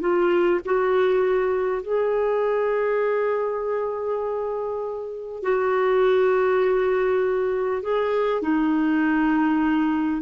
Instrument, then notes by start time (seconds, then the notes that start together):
clarinet
0.00 F4
0.64 F#4
1.82 G#4
5.42 F#4
7.82 G#4
8.42 D#4